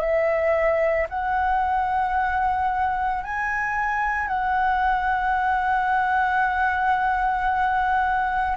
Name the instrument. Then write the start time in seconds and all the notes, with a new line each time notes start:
flute
0.00 E5
1.09 F#5
3.24 G#5
4.28 F#5